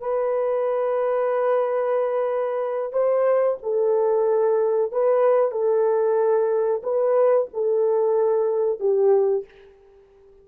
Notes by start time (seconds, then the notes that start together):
0.00 B4
2.92 C5
3.63 A4
4.92 B4
5.51 A4
6.83 B4
7.54 A4
8.80 G4